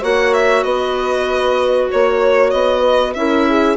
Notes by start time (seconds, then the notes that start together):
0.00 A#3 F#4 C#5 F#5
0.33 E5
0.63 B3 B4 D#5
1.90 A#3 C#5
2.50 B3 D#5
2.79 B4
3.13 C#4 E4 A#4 E5
3.48 G#4